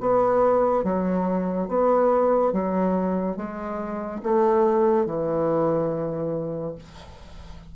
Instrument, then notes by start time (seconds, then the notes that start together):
bassoon
0.00 B3
0.84 F#3
1.68 B3
2.53 F#3
3.36 G#3
4.23 A3
5.06 E3